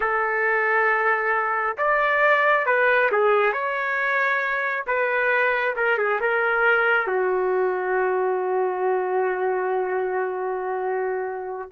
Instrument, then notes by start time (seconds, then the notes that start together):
trumpet
0.00 A4
1.77 D5
2.66 B4
3.11 G#4
3.53 C#5
4.86 B4
5.76 A#4
5.98 G#4
6.20 A#4
7.07 F#4